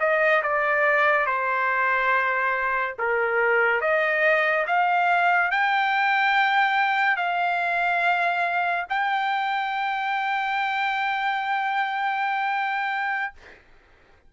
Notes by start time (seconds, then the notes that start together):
0.00 D#5
0.43 D5
1.26 C5
2.98 A#4
3.81 D#5
4.67 F5
5.51 G5
7.17 F5
8.90 G5